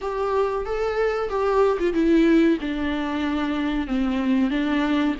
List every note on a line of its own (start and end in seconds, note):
0.01 0.65 G4
0.65 1.29 A4
1.29 1.78 G4
1.79 1.93 F4
1.93 2.58 E4
2.60 3.87 D4
3.87 4.50 C4
4.50 5.15 D4